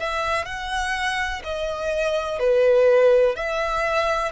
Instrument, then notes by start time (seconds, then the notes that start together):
violin
0.00 E5
0.46 F#5
1.45 D#5
2.40 B4
3.36 E5